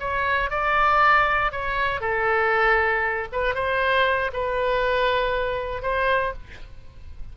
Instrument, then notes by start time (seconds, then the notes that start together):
oboe
0.00 C#5
0.50 D5
1.52 C#5
2.00 A4
3.32 B4
3.55 C5
4.33 B4
5.82 C5